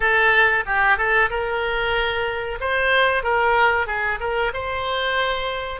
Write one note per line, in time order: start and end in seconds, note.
0.00 0.64 A4
0.65 0.97 G4
0.97 1.29 A4
1.29 2.58 A#4
2.60 3.23 C5
3.23 3.87 A#4
3.87 4.19 G#4
4.19 4.52 A#4
4.53 5.80 C5